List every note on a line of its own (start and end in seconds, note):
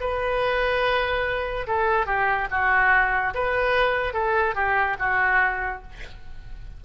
0.00 1.67 B4
1.67 2.06 A4
2.06 2.47 G4
2.50 3.34 F#4
3.34 4.13 B4
4.13 4.55 A4
4.55 4.96 G4
4.99 5.82 F#4